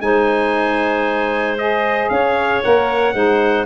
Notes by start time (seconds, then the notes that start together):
0.00 G#3 D#4 C5 G#5
1.57 G#4 D#5
2.09 C#4 C#5 F5
2.62 A#3 A#4 F#5
3.13 G#3 D#4 C5